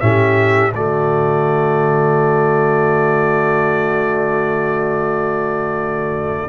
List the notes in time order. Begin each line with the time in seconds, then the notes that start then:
0.00 A2 C#4 G4 E5
0.72 D3 A3 F#4 D5